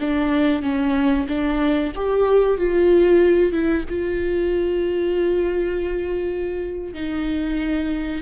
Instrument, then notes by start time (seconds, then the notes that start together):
viola
0.00 D4
0.62 C#4
1.28 D4
1.95 G4
2.57 F4
3.52 E4
3.89 F4
6.94 D#4